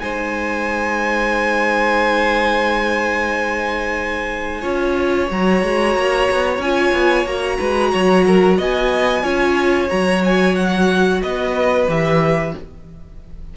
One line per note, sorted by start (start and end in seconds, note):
0.00 4.64 G#3
0.00 4.62 D#4
0.00 4.61 C5
0.00 5.27 G#5
4.61 5.30 C#4
4.61 5.28 F4
4.61 7.57 C#5
5.29 5.63 F#3
5.29 6.61 F#4
5.29 6.62 A#5
5.63 5.96 G#3
5.96 6.29 A#3
6.31 6.59 B3
6.59 6.92 C#4
6.59 7.26 F4
6.59 7.27 G#5
6.93 7.25 B3
7.25 7.58 A#3
7.25 9.23 F#4
7.25 8.59 A#5
7.58 7.94 G#3
7.58 7.91 B4
7.92 8.59 F#3
7.92 8.25 C#5
8.27 8.58 A#4
8.58 9.23 B3
8.58 9.23 D#5
8.58 9.89 G#5
9.23 9.89 C#4
9.23 9.89 F4
9.23 11.21 C#5
9.89 11.23 F#3
9.89 11.87 F#4
9.89 10.22 A#5
10.25 10.55 G#5
10.55 11.21 F#5
11.22 11.88 B3
11.22 12.54 B4
11.22 11.88 D#5
11.88 12.54 E3
11.88 12.54 G4
11.88 12.56 E5